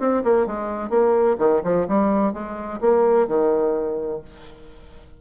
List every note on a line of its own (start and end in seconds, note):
0.00 0.23 C4
0.24 0.47 A#3
0.47 0.90 G#3
0.90 1.37 A#3
1.39 1.62 D#3
1.64 1.87 F3
1.88 2.34 G3
2.34 2.80 G#3
2.81 3.28 A#3
3.28 4.22 D#3